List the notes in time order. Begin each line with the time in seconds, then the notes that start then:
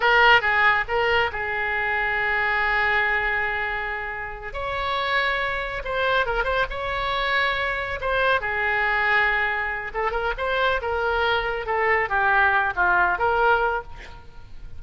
0.00 A#4
0.41 G#4
0.88 A#4
1.32 G#4
4.53 C#5
5.84 C5
6.26 A#4
6.44 C5
6.70 C#5
8.01 C5
8.41 G#4
9.94 A4
10.11 A#4
10.37 C5
10.81 A#4
11.65 A4
12.09 G4
12.75 F4
13.18 A#4